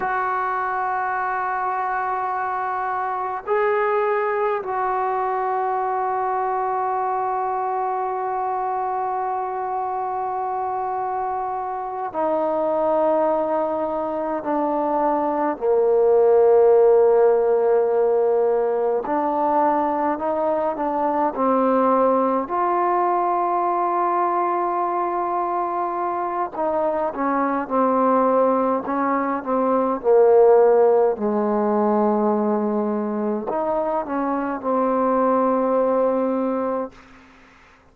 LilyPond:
\new Staff \with { instrumentName = "trombone" } { \time 4/4 \tempo 4 = 52 fis'2. gis'4 | fis'1~ | fis'2~ fis'8 dis'4.~ | dis'8 d'4 ais2~ ais8~ |
ais8 d'4 dis'8 d'8 c'4 f'8~ | f'2. dis'8 cis'8 | c'4 cis'8 c'8 ais4 gis4~ | gis4 dis'8 cis'8 c'2 | }